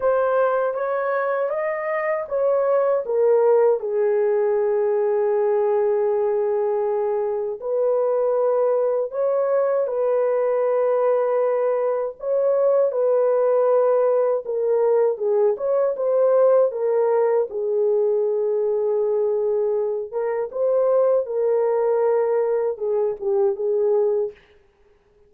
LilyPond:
\new Staff \with { instrumentName = "horn" } { \time 4/4 \tempo 4 = 79 c''4 cis''4 dis''4 cis''4 | ais'4 gis'2.~ | gis'2 b'2 | cis''4 b'2. |
cis''4 b'2 ais'4 | gis'8 cis''8 c''4 ais'4 gis'4~ | gis'2~ gis'8 ais'8 c''4 | ais'2 gis'8 g'8 gis'4 | }